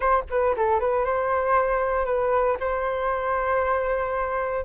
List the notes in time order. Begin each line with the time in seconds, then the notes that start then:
0.00 C5
0.30 B4
0.56 A4
0.79 B4
1.04 C5
2.05 B4
2.60 C5